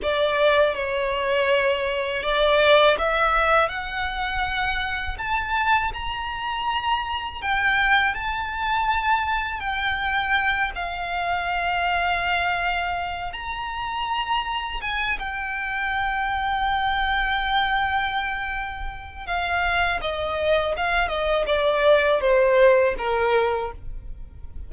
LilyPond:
\new Staff \with { instrumentName = "violin" } { \time 4/4 \tempo 4 = 81 d''4 cis''2 d''4 | e''4 fis''2 a''4 | ais''2 g''4 a''4~ | a''4 g''4. f''4.~ |
f''2 ais''2 | gis''8 g''2.~ g''8~ | g''2 f''4 dis''4 | f''8 dis''8 d''4 c''4 ais'4 | }